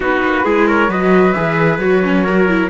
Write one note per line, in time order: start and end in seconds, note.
0.00 0.22 B3
0.00 0.44 D#4
0.00 0.45 F#4
0.00 0.68 B4
0.24 0.45 A#3
0.44 0.88 G#3
0.44 0.89 E4
0.44 0.67 G#4
0.67 0.89 A#4
0.67 0.91 C#5
0.88 1.33 F#3
0.88 1.35 F#4
0.88 2.24 B4
0.88 1.32 D#5
1.32 1.78 E3
1.32 1.80 G#4
1.32 1.77 E5
1.78 2.68 F#3
1.78 2.03 F#4
1.78 2.69 C#5
2.03 2.25 C#4
2.24 2.48 F#4
2.24 2.69 A#4
2.48 2.70 E4